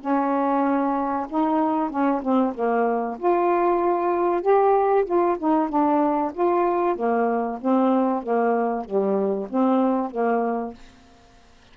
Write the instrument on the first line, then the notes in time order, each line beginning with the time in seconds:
saxophone
0.00 C#4
1.29 D#4
1.90 C#4
2.22 C4
2.54 A#3
3.19 F4
4.42 G4
5.05 F4
5.38 D#4
5.69 D4
6.33 F4
6.95 A#3
7.60 C4
8.22 A#3
8.84 G3
9.49 C4
10.11 A#3